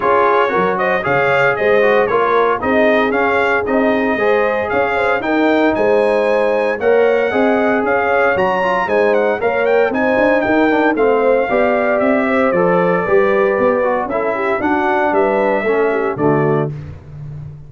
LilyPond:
<<
  \new Staff \with { instrumentName = "trumpet" } { \time 4/4 \tempo 4 = 115 cis''4. dis''8 f''4 dis''4 | cis''4 dis''4 f''4 dis''4~ | dis''4 f''4 g''4 gis''4~ | gis''4 fis''2 f''4 |
ais''4 gis''8 fis''8 f''8 g''8 gis''4 | g''4 f''2 e''4 | d''2. e''4 | fis''4 e''2 d''4 | }
  \new Staff \with { instrumentName = "horn" } { \time 4/4 gis'4 ais'8 c''8 cis''4 c''4 | ais'4 gis'2. | c''4 cis''8 c''8 ais'4 c''4~ | c''4 cis''4 dis''4 cis''4~ |
cis''4 c''4 cis''4 c''4 | ais'4 c''4 d''4. c''8~ | c''4 b'2 a'8 g'8 | fis'4 b'4 a'8 g'8 fis'4 | }
  \new Staff \with { instrumentName = "trombone" } { \time 4/4 f'4 fis'4 gis'4. fis'8 | f'4 dis'4 cis'4 dis'4 | gis'2 dis'2~ | dis'4 ais'4 gis'2 |
fis'8 f'8 dis'4 ais'4 dis'4~ | dis'8 d'8 c'4 g'2 | a'4 g'4. fis'8 e'4 | d'2 cis'4 a4 | }
  \new Staff \with { instrumentName = "tuba" } { \time 4/4 cis'4 fis4 cis4 gis4 | ais4 c'4 cis'4 c'4 | gis4 cis'4 dis'4 gis4~ | gis4 ais4 c'4 cis'4 |
fis4 gis4 ais4 c'8 d'8 | dis'4 a4 b4 c'4 | f4 g4 b4 cis'4 | d'4 g4 a4 d4 | }
>>